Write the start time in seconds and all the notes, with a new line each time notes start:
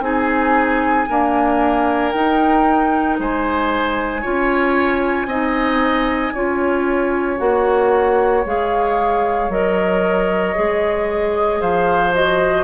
0.00 C4 D#4 G#4 G#5
1.07 A#3 D4 A#4
2.12 D#4 G5
3.19 G#3 C5 G#5
4.21 C#4 F4 C#5
5.26 C4 D#4 D#5
6.33 C#4 F4 C#5
7.37 A#3 F#4 F#5
8.45 G#3 G#4 F5
9.49 F#3 A#4 D#5
10.55 G#3 G#4
11.60 F3 C5 F5
12.13 F#4 D#5